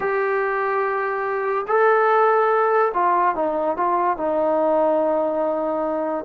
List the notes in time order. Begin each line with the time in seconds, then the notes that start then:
0.00 G4
1.67 A4
2.94 F4
3.35 D#4
3.76 F4
4.17 D#4